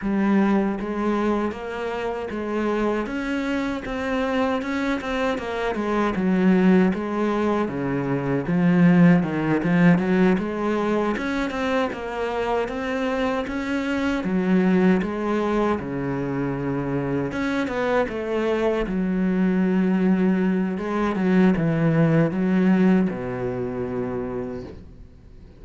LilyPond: \new Staff \with { instrumentName = "cello" } { \time 4/4 \tempo 4 = 78 g4 gis4 ais4 gis4 | cis'4 c'4 cis'8 c'8 ais8 gis8 | fis4 gis4 cis4 f4 | dis8 f8 fis8 gis4 cis'8 c'8 ais8~ |
ais8 c'4 cis'4 fis4 gis8~ | gis8 cis2 cis'8 b8 a8~ | a8 fis2~ fis8 gis8 fis8 | e4 fis4 b,2 | }